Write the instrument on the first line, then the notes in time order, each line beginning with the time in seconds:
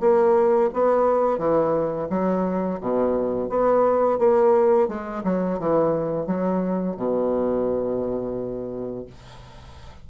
bassoon
0.00 A#3
0.73 B3
1.38 E3
2.10 F#3
2.80 B2
3.49 B3
4.18 A#3
4.88 G#3
5.24 F#3
5.58 E3
6.26 F#3
6.96 B2